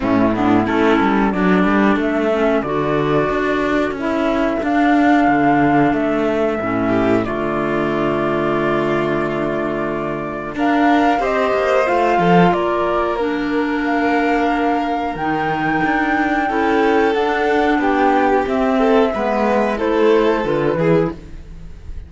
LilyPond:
<<
  \new Staff \with { instrumentName = "flute" } { \time 4/4 \tempo 4 = 91 e'4 a'4 d''4 e''4 | d''2 e''4 f''4~ | f''4 e''2 d''4~ | d''1 |
f''4 dis''4 f''4 d''4 | ais'4 f''2 g''4~ | g''2 fis''4 g''4 | e''2 c''4 b'4 | }
  \new Staff \with { instrumentName = "violin" } { \time 4/4 cis'8 d'8 e'4 a'2~ | a'1~ | a'2~ a'8 g'8 f'4~ | f'1 |
ais'4 c''4. a'8 ais'4~ | ais'1~ | ais'4 a'2 g'4~ | g'8 a'8 b'4 a'4. gis'8 | }
  \new Staff \with { instrumentName = "clarinet" } { \time 4/4 a8 b8 cis'4 d'4. cis'8 | fis'2 e'4 d'4~ | d'2 cis'4 a4~ | a1 |
d'4 g'4 f'2 | d'2. dis'4~ | dis'4 e'4 d'2 | c'4 b4 e'4 f'8 e'8 | }
  \new Staff \with { instrumentName = "cello" } { \time 4/4 a,4 a8 g8 fis8 g8 a4 | d4 d'4 cis'4 d'4 | d4 a4 a,4 d4~ | d1 |
d'4 c'8 ais8 a8 f8 ais4~ | ais2. dis4 | d'4 cis'4 d'4 b4 | c'4 gis4 a4 d8 e8 | }
>>